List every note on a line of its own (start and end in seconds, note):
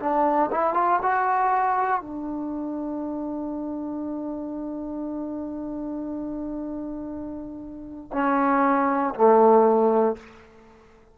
0.00 0.51 D4
0.52 0.74 E4
0.74 1.00 F4
1.03 2.01 F#4
2.01 8.11 D4
8.13 9.14 C#4
9.15 10.16 A3